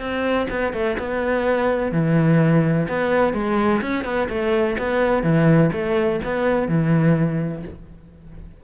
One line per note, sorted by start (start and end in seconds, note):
0.00 0.48 C4
0.50 0.73 B3
0.73 0.97 A3
0.99 1.92 B3
1.92 2.88 E3
2.89 3.34 B3
3.34 3.81 G#3
3.82 4.05 C#4
4.05 4.29 B3
4.29 4.77 A3
4.79 5.23 B3
5.23 5.71 E3
5.73 6.21 A3
6.25 6.69 B3
6.69 7.64 E3